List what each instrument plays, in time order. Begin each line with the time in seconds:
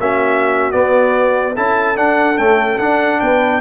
0.00 tuba A#3, trombone C#4, horn F#4, trumpet E5
0.72 trombone B3, tuba B3, trumpet D5
1.55 tuba C#4, trombone E4, horn A4, trumpet A5
1.96 trombone D4, tuba D4, trumpet F#5
2.38 trombone A3, tuba C#4, trumpet G5
2.79 tuba D4, trombone D4, trumpet F#5
3.21 tuba B3, horn B4, trumpet G5